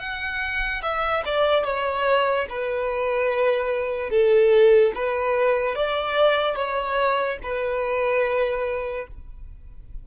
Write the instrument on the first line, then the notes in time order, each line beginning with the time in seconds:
violin
0.00 F#5
0.83 E5
1.26 D5
1.65 C#5
2.50 B4
4.11 A4
4.95 B4
5.76 D5
6.56 C#5
7.43 B4